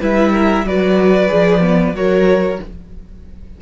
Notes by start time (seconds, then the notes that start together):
0.00 G3 E4 B4 E5
0.32 A#4
0.64 F#3 F#4 B4 D5
1.28 F3 G#4
1.61 B3
1.93 F#3 F#4 A#4 C#5